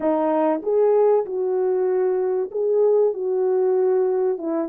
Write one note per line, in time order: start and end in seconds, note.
0.00 0.61 D#4
0.62 1.25 G#4
1.25 2.50 F#4
2.51 3.13 G#4
3.13 4.38 F#4
4.38 4.68 E4